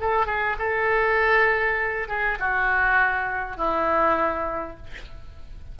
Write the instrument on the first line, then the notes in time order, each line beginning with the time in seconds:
oboe
0.00 A4
0.26 G#4
0.58 A4
2.08 G#4
2.39 F#4
3.57 E4